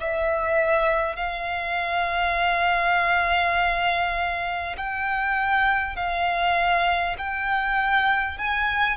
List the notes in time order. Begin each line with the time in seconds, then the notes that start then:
0.00 E5
1.16 F5
4.77 G5
5.96 F5
7.18 G5
8.38 G#5